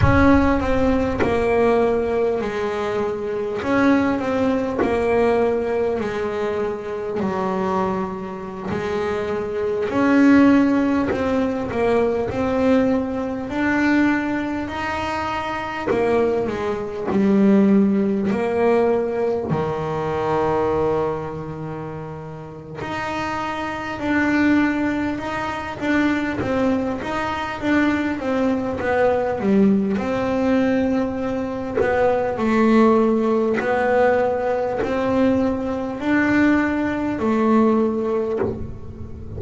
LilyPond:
\new Staff \with { instrumentName = "double bass" } { \time 4/4 \tempo 4 = 50 cis'8 c'8 ais4 gis4 cis'8 c'8 | ais4 gis4 fis4~ fis16 gis8.~ | gis16 cis'4 c'8 ais8 c'4 d'8.~ | d'16 dis'4 ais8 gis8 g4 ais8.~ |
ais16 dis2~ dis8. dis'4 | d'4 dis'8 d'8 c'8 dis'8 d'8 c'8 | b8 g8 c'4. b8 a4 | b4 c'4 d'4 a4 | }